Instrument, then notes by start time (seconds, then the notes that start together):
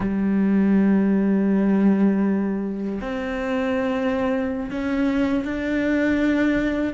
cello
0.00 G3
3.01 C4
4.70 C#4
5.44 D4